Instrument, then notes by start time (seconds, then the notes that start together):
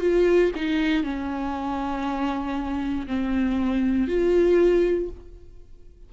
viola
0.00 F4
0.55 D#4
1.03 C#4
3.06 C4
4.07 F4